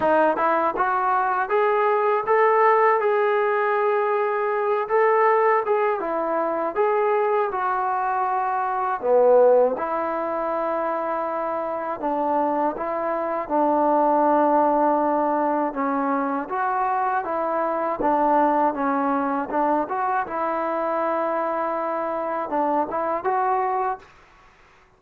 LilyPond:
\new Staff \with { instrumentName = "trombone" } { \time 4/4 \tempo 4 = 80 dis'8 e'8 fis'4 gis'4 a'4 | gis'2~ gis'8 a'4 gis'8 | e'4 gis'4 fis'2 | b4 e'2. |
d'4 e'4 d'2~ | d'4 cis'4 fis'4 e'4 | d'4 cis'4 d'8 fis'8 e'4~ | e'2 d'8 e'8 fis'4 | }